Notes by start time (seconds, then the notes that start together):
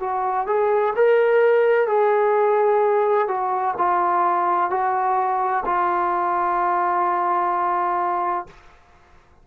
0.00 F#4
0.47 G#4
0.96 A#4
1.88 G#4
3.28 F#4
3.78 F4
4.70 F#4
5.66 F4